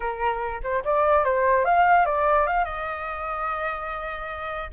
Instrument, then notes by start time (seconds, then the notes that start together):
flute
0.00 A#4
0.63 C5
0.84 D5
1.24 C5
1.64 F5
2.05 D5
2.46 F5
2.65 D#5